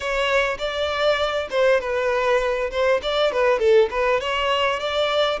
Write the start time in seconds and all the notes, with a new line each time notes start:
0.00 C#5
0.58 D5
1.50 C5
1.80 B4
2.71 C5
3.02 D5
3.31 B4
3.59 A4
3.90 B4
4.20 C#5
4.79 D5